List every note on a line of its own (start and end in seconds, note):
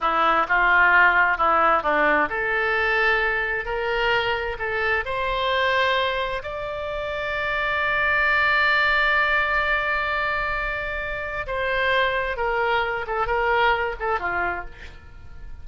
0.00 0.46 E4
0.48 1.37 F4
1.37 1.82 E4
1.82 2.28 D4
2.29 3.65 A4
3.65 4.56 A#4
4.58 5.04 A4
5.05 6.42 C5
6.42 11.46 D5
11.46 12.36 C5
12.36 13.05 A#4
13.06 13.27 A4
13.27 13.95 A#4
13.99 14.19 A4
14.19 14.65 F4